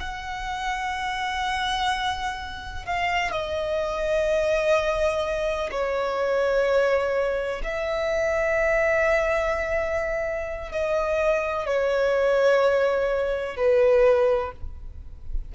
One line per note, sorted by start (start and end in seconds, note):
0.00 2.86 F#5
2.86 3.32 F5
3.32 5.70 D#5
5.71 7.62 C#5
7.64 10.72 E5
10.72 11.66 D#5
11.66 13.57 C#5
13.57 14.52 B4